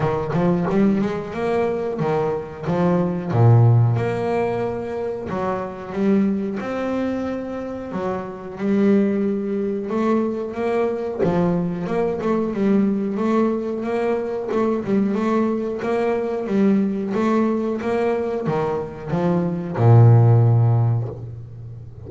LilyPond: \new Staff \with { instrumentName = "double bass" } { \time 4/4 \tempo 4 = 91 dis8 f8 g8 gis8 ais4 dis4 | f4 ais,4 ais2 | fis4 g4 c'2 | fis4 g2 a4 |
ais4 f4 ais8 a8 g4 | a4 ais4 a8 g8 a4 | ais4 g4 a4 ais4 | dis4 f4 ais,2 | }